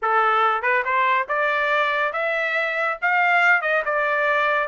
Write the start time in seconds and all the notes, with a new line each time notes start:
0.02 A4
0.62 B4
0.84 C5
1.28 D5
2.12 E5
3.01 F5
3.61 D#5
3.85 D5